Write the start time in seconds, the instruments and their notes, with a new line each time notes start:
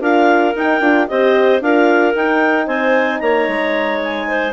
0.00 bassoon D4, horn F4, clarinet A#4 F5
0.55 bassoon D#4, horn D#4, clarinet G5
0.81 bassoon D4, horn F4
1.08 bassoon C4, horn G4, clarinet C5 D#5
1.61 bassoon D4, horn F4, clarinet A#4 F5
2.14 bassoon D#4, horn D#4, clarinet G5
2.66 bassoon C4, clarinet C5 G#5
3.19 bassoon A#3, clarinet C#5 A#5
3.48 bassoon G#3
4.03 clarinet G#5
4.28 clarinet C5